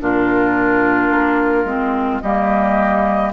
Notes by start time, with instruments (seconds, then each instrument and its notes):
0.00 bassoon A#2, clarinet D4, oboe F4, flute A#4
1.10 bassoon A#3
1.64 bassoon G#3, clarinet C4
2.21 bassoon G3, clarinet A#3, oboe G4, flute D#5